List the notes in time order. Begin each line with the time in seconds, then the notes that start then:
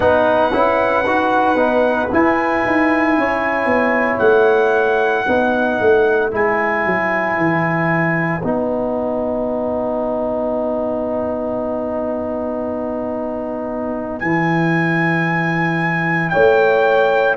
0.00 B3 D#4 B4 F#5
0.52 C#4 E4
1.05 D#4 F#4
1.55 B3 D#4
2.12 E4 G#5
2.66 D#4
3.17 C#4 C#5
3.65 B3
4.18 A3 F#5
5.25 B3 D#4 B4
5.80 A3
6.30 G#3 E4 G#5
6.85 F#3
7.36 E3
8.43 B3 D#4 F#5
14.19 E3 E4 G#5
16.29 A3 C#5 G5